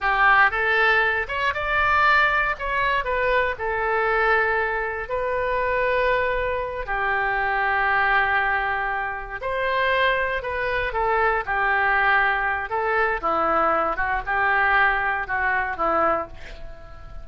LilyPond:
\new Staff \with { instrumentName = "oboe" } { \time 4/4 \tempo 4 = 118 g'4 a'4. cis''8 d''4~ | d''4 cis''4 b'4 a'4~ | a'2 b'2~ | b'4. g'2~ g'8~ |
g'2~ g'8 c''4.~ | c''8 b'4 a'4 g'4.~ | g'4 a'4 e'4. fis'8 | g'2 fis'4 e'4 | }